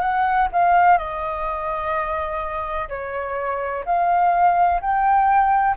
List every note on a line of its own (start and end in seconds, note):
0.00 0.48 F#5
0.52 0.97 F5
0.97 2.88 D#5
2.89 3.84 C#5
3.85 4.81 F5
4.81 5.76 G5